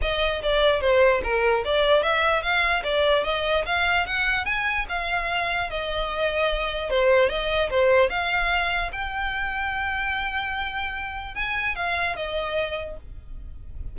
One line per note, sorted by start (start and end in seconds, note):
0.01 0.42 D#5
0.42 0.81 D5
0.81 1.21 C5
1.23 1.64 A#4
1.64 2.03 D5
2.03 2.42 E5
2.42 2.82 F5
2.83 3.24 D5
3.24 3.64 D#5
3.65 4.06 F5
4.06 4.45 F#5
4.45 4.85 G#5
4.89 5.70 F5
5.70 6.89 D#5
6.89 7.29 C5
7.29 7.69 D#5
7.70 8.09 C5
8.09 8.90 F5
8.92 11.35 G5
11.35 11.75 G#5
11.75 12.15 F5
12.15 12.97 D#5